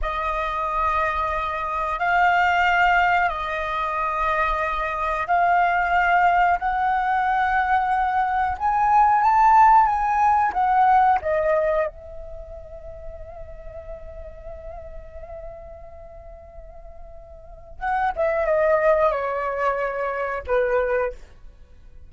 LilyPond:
\new Staff \with { instrumentName = "flute" } { \time 4/4 \tempo 4 = 91 dis''2. f''4~ | f''4 dis''2. | f''2 fis''2~ | fis''4 gis''4 a''4 gis''4 |
fis''4 dis''4 e''2~ | e''1~ | e''2. fis''8 e''8 | dis''4 cis''2 b'4 | }